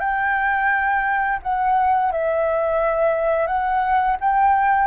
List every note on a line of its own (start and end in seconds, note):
0.00 1.40 G5
1.43 2.12 F#5
2.12 3.47 E5
3.47 4.17 F#5
4.21 4.87 G5